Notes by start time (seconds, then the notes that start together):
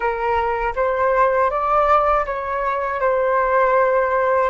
0.00 A#4
0.75 C5
1.50 D5
2.25 C#5
3.00 C5